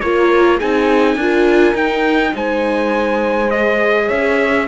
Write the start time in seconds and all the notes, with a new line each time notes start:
0.00 A#3 F4 A#4 C#5
0.57 C4 D#4 G#4 G#5
1.15 D4 F4 A#4
1.74 D#4 G5
2.35 G#3 C5 G#5
3.50 G#4 D#5
4.06 C#4 C#5 E5